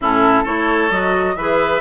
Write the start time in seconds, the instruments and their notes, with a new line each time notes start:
0.00 bassoon A2, clarinet C#4, oboe E4, flute A4
0.43 bassoon A3, clarinet E4, oboe A4, flute C#5
0.90 bassoon F#3, clarinet F#4, flute D#5
1.35 bassoon E3, clarinet G#4, oboe B4, flute E5